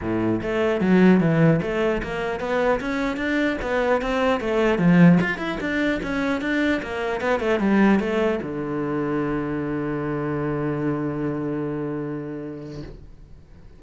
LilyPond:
\new Staff \with { instrumentName = "cello" } { \time 4/4 \tempo 4 = 150 a,4 a4 fis4 e4 | a4 ais4 b4 cis'4 | d'4 b4 c'4 a4 | f4 f'8 e'8 d'4 cis'4 |
d'4 ais4 b8 a8 g4 | a4 d2.~ | d1~ | d1 | }